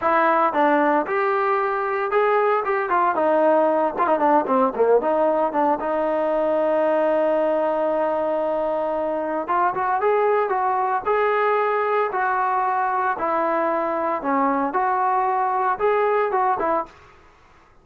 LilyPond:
\new Staff \with { instrumentName = "trombone" } { \time 4/4 \tempo 4 = 114 e'4 d'4 g'2 | gis'4 g'8 f'8 dis'4. f'16 dis'16 | d'8 c'8 ais8 dis'4 d'8 dis'4~ | dis'1~ |
dis'2 f'8 fis'8 gis'4 | fis'4 gis'2 fis'4~ | fis'4 e'2 cis'4 | fis'2 gis'4 fis'8 e'8 | }